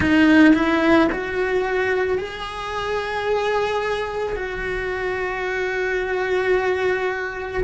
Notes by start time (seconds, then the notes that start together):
0.00 D#4
0.54 E4
1.12 F#4
2.18 G#4
4.36 F#4